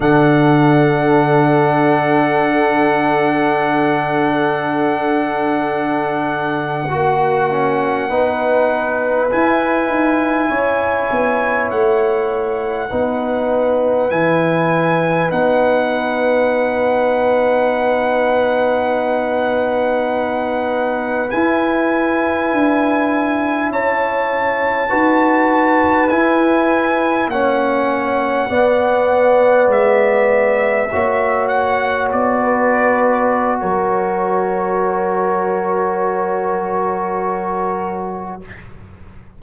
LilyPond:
<<
  \new Staff \with { instrumentName = "trumpet" } { \time 4/4 \tempo 4 = 50 fis''1~ | fis''2.~ fis''8. gis''16~ | gis''4.~ gis''16 fis''2 gis''16~ | gis''8. fis''2.~ fis''16~ |
fis''4.~ fis''16 gis''2 a''16~ | a''4.~ a''16 gis''4 fis''4~ fis''16~ | fis''8. e''4. fis''8 d''4~ d''16 | cis''1 | }
  \new Staff \with { instrumentName = "horn" } { \time 4/4 a'1~ | a'4.~ a'16 fis'4 b'4~ b'16~ | b'8. cis''2 b'4~ b'16~ | b'1~ |
b'2.~ b'8. cis''16~ | cis''8. b'2 cis''4 d''16~ | d''4.~ d''16 cis''4~ cis''16 b'4 | ais'1 | }
  \new Staff \with { instrumentName = "trombone" } { \time 4/4 d'1~ | d'4.~ d'16 fis'8 cis'8 dis'4 e'16~ | e'2~ e'8. dis'4 e'16~ | e'8. dis'2.~ dis'16~ |
dis'4.~ dis'16 e'2~ e'16~ | e'8. fis'4 e'4 cis'4 b16~ | b4.~ b16 fis'2~ fis'16~ | fis'1 | }
  \new Staff \with { instrumentName = "tuba" } { \time 4/4 d1~ | d4.~ d16 ais4 b4 e'16~ | e'16 dis'8 cis'8 b8 a4 b4 e16~ | e8. b2.~ b16~ |
b4.~ b16 e'4 d'4 cis'16~ | cis'8. dis'4 e'4 ais4 b16~ | b8. gis4 ais4 b4~ b16 | fis1 | }
>>